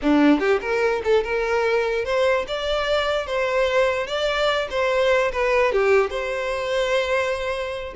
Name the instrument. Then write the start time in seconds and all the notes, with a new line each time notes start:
violin
0.02 D4
0.39 G4
0.61 A#4
1.03 A4
1.23 A#4
2.04 C5
2.47 D5
3.26 C5
4.06 D5
4.70 C5
5.32 B4
5.72 G4
6.10 C5